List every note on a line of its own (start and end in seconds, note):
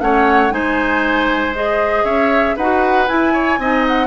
0.00 0.51 A3
0.00 0.50 C#4
0.00 0.54 C#5
0.00 0.52 F#5
0.50 2.04 G#3
0.50 1.53 D#4
0.50 2.04 C5
0.50 1.54 G#5
1.54 2.57 G#4
1.54 2.05 D#5
2.04 2.55 C#4
2.04 2.56 C#5
2.04 2.56 E5
2.56 3.08 D#4
2.56 3.07 F#4
2.56 3.33 B4
2.56 3.08 F#5
3.07 3.59 E4
3.07 3.58 E4
3.07 3.85 G#5
3.33 3.59 C#5
3.58 4.07 C4
3.58 4.07 D#4
3.58 4.07 D#5
3.88 4.07 F#5